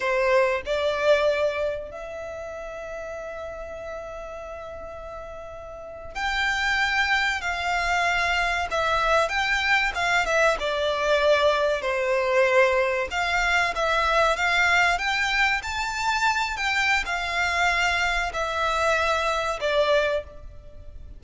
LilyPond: \new Staff \with { instrumentName = "violin" } { \time 4/4 \tempo 4 = 95 c''4 d''2 e''4~ | e''1~ | e''4.~ e''16 g''2 f''16~ | f''4.~ f''16 e''4 g''4 f''16~ |
f''16 e''8 d''2 c''4~ c''16~ | c''8. f''4 e''4 f''4 g''16~ | g''8. a''4. g''8. f''4~ | f''4 e''2 d''4 | }